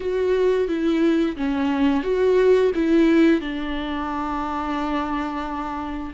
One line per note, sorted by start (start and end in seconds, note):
0.00 0.68 F#4
0.68 1.36 E4
1.36 2.03 C#4
2.03 2.71 F#4
2.75 3.41 E4
3.41 6.13 D4